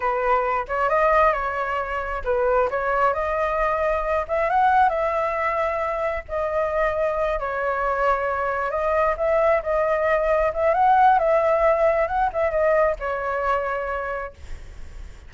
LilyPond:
\new Staff \with { instrumentName = "flute" } { \time 4/4 \tempo 4 = 134 b'4. cis''8 dis''4 cis''4~ | cis''4 b'4 cis''4 dis''4~ | dis''4. e''8 fis''4 e''4~ | e''2 dis''2~ |
dis''8 cis''2. dis''8~ | dis''8 e''4 dis''2 e''8 | fis''4 e''2 fis''8 e''8 | dis''4 cis''2. | }